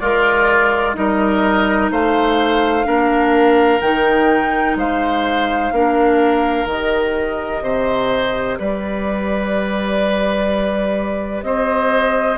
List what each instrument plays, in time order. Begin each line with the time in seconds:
0.00 bassoon G#3, oboe F4, clarinet A#4, flute D5
0.94 bassoon G3, clarinet D#4, oboe A#4, flute D#5
1.91 bassoon A3, oboe C5, flute F5
2.84 bassoon A#3, clarinet D4, oboe A#4
3.81 bassoon D#3, clarinet D#4, flute G5
4.76 bassoon G#3, oboe C5, flute F5
5.72 bassoon A#3, clarinet D4, oboe A#4
6.66 bassoon D#3, clarinet G4, flute D#5
7.62 bassoon C3, oboe C5
8.58 bassoon G3, oboe B4, flute D5
11.43 bassoon C4, oboe C5, flute D#5